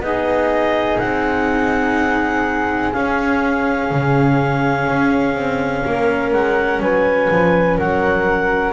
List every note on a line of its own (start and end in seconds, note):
0.00 0.97 B3
0.00 2.94 D#4
0.00 5.85 G#4
0.00 0.99 D#5
0.99 2.94 C4
0.99 2.92 F#5
2.93 8.73 C#4
2.93 3.91 C#4
2.93 6.31 F5
3.91 4.88 C#3
4.88 5.35 C#4
5.35 5.84 C4
5.86 6.33 A#3
5.86 6.82 A#4
6.32 6.80 G#3
6.32 6.81 F#5
6.80 7.28 F#3
6.80 7.77 B4
6.80 7.78 G#5
7.31 7.79 F3
7.77 8.73 F#3
7.77 8.73 A#4
7.77 8.73 F#5